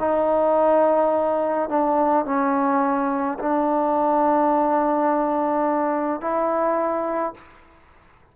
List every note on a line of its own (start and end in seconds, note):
0.00 1.70 D#4
1.70 2.26 D4
2.26 3.39 C#4
3.40 6.21 D4
6.21 7.35 E4